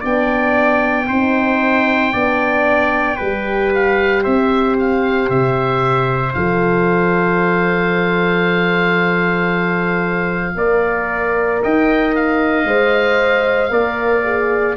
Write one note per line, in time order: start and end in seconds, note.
0.00 1.08 B3
0.00 1.07 D4
0.00 1.05 D5
0.00 3.73 G5
1.08 2.13 C4
1.08 2.12 D#4
1.08 2.12 C5
2.12 3.19 B3
2.12 3.18 D4
2.12 3.16 D5
3.16 4.26 G3
3.16 6.34 G4
3.16 4.21 B4
3.74 4.24 F5
4.22 5.29 C4
4.22 10.54 C5
4.22 4.76 E5
4.79 5.30 F5
5.29 6.34 C3
5.29 6.33 E5
6.33 10.55 F3
6.33 10.56 A4
6.33 11.59 F5
10.55 11.61 A#3
10.55 12.67 A#4
10.55 11.62 D5
11.63 12.65 D#4
11.63 13.71 D#5
11.63 12.15 G5
12.15 14.76 F5
12.65 13.70 G#3
12.65 13.70 C5
13.70 14.75 A#3
13.70 14.23 A#4
13.70 14.76 D5
14.24 14.76 G#4